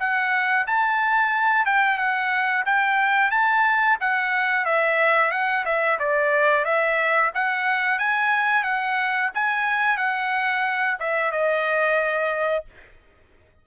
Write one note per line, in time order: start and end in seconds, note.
0.00 0.67 F#5
0.67 1.66 A5
1.66 1.98 G5
1.98 2.65 F#5
2.66 3.31 G5
3.31 3.98 A5
4.01 4.65 F#5
4.65 5.31 E5
5.31 5.65 F#5
5.65 5.99 E5
5.99 6.65 D5
6.65 7.32 E5
7.35 7.99 F#5
7.99 8.64 G#5
8.64 9.31 F#5
9.35 9.98 G#5
9.98 10.98 F#5
11.00 11.32 E5
11.32 12.65 D#5